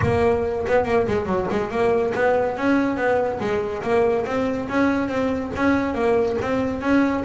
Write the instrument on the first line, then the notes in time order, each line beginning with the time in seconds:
double bass
0.02 A#3
0.67 B3
0.85 A#3
1.07 G#3
1.25 F#3
1.50 G#3
1.70 A#3
2.14 B3
2.57 C#4
2.96 B3
3.39 G#3
3.82 A#3
4.26 C4
4.68 C#4
5.08 C4
5.55 C#4
5.94 A#3
6.41 C4
6.81 C#4